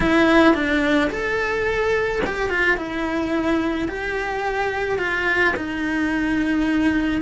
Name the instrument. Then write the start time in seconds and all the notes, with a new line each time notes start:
cello
0.00 E4
0.54 D4
1.10 A4
2.26 G4
2.49 F4
2.77 E4
3.88 G4
4.98 F4
5.56 D#4